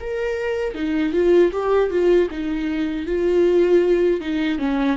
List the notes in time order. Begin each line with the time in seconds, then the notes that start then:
0.00 A#4
0.75 D#4
1.13 F4
1.52 G4
1.90 F4
2.30 D#4
3.06 F4
4.21 D#4
4.59 C#4